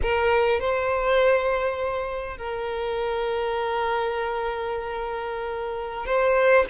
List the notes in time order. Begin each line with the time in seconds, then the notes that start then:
0.02 A#4
0.59 C5
2.37 A#4
6.06 C5